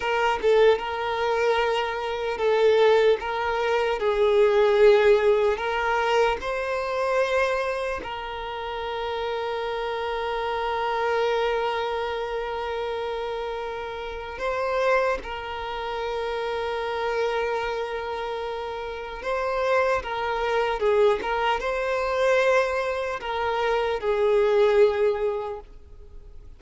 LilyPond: \new Staff \with { instrumentName = "violin" } { \time 4/4 \tempo 4 = 75 ais'8 a'8 ais'2 a'4 | ais'4 gis'2 ais'4 | c''2 ais'2~ | ais'1~ |
ais'2 c''4 ais'4~ | ais'1 | c''4 ais'4 gis'8 ais'8 c''4~ | c''4 ais'4 gis'2 | }